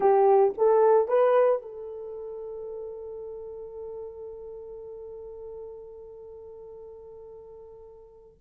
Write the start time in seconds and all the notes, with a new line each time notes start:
0.00 G4
0.57 A4
1.08 B4
1.61 A4